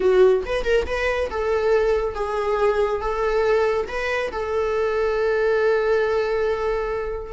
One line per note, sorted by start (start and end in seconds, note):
0.00 0.43 F#4
0.45 0.64 B4
0.64 0.86 A#4
0.86 1.29 B4
1.30 2.15 A4
2.15 3.01 G#4
3.01 3.87 A4
3.88 4.31 B4
4.31 7.32 A4